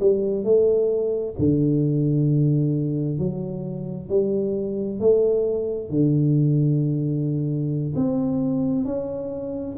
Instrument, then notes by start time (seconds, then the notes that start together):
tuba
0.00 G3
0.44 A3
1.38 D3
3.18 F#3
4.09 G3
5.00 A3
5.90 D3
7.95 C4
8.85 C#4